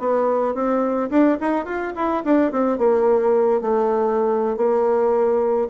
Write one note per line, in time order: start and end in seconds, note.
0.00 0.55 B3
0.55 1.10 C4
1.10 1.38 D4
1.41 1.66 D#4
1.66 1.94 F4
1.96 2.24 E4
2.25 2.52 D4
2.52 2.79 C4
2.79 3.62 A#3
3.62 4.57 A3
4.57 5.68 A#3